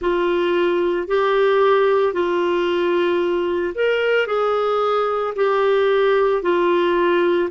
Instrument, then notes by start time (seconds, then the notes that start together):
clarinet
0.01 F4
1.07 G4
2.13 F4
3.75 A#4
4.27 G#4
5.35 G4
6.42 F4